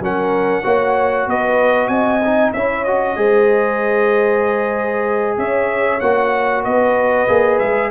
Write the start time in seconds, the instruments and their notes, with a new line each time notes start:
0.00 tuba F#3, trombone C#4, horn A#4, trumpet F#5
0.64 tuba A#3, trombone F#4, horn C#5
1.27 tuba B3, horn B4, trumpet D#5
1.88 tuba C4, horn D#5, trumpet G#5
2.25 trombone D#4
2.54 tuba C#4, trombone E4, horn C#5, trumpet E5
2.85 trombone F#4, trumpet D#5
3.17 tuba G#3, trombone G#4, horn C5
5.38 tuba C#4, horn C#5, trumpet E5
6.01 tuba A#3, trombone F#4, trumpet F#5
6.64 tuba B3, horn B4, trumpet D#5
7.28 tuba A#3, trombone G#4
7.59 tuba G#3, trumpet E5